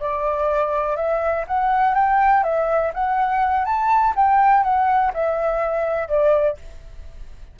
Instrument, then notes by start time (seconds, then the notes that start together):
flute
0.00 D5
0.96 E5
1.48 F#5
1.95 G5
2.44 E5
2.94 F#5
3.65 A5
4.16 G5
4.64 F#5
5.14 E5
6.09 D5